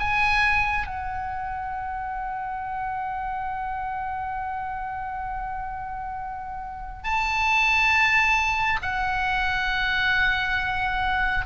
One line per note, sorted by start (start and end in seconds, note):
0.00 0.87 G#5
0.87 7.04 F#5
7.04 8.80 A5
8.82 11.46 F#5